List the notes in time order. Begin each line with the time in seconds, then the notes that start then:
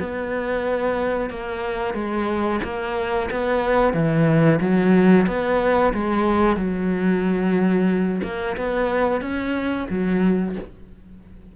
0.00 B3
1.30 A#3
1.94 G#3
2.64 A#3
3.31 B3
3.94 E3
4.61 F#3
5.27 B3
5.94 G#3
6.57 F#3
8.24 A#3
8.57 B3
9.22 C#4
9.90 F#3